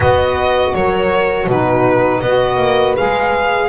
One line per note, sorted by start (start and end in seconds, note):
0.00 0.74 B3
0.00 1.48 F#4
0.00 0.75 B4
0.00 0.74 D#5
0.74 1.47 F#3
0.74 1.48 A#4
0.74 1.48 C#5
1.47 2.20 B2
1.47 2.24 D#4
1.47 2.20 F#4
1.47 2.20 B4
2.20 2.57 B3
2.20 2.96 F#4
2.20 3.68 B4
2.20 2.94 D#5
2.57 2.94 A#3
2.96 3.68 G#3
2.96 3.68 G#4
2.96 3.68 F5